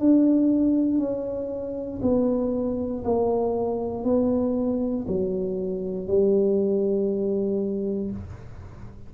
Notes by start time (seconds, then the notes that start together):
0.00 D4
0.98 C#4
2.02 B3
3.05 A#3
4.04 B3
5.08 F#3
6.08 G3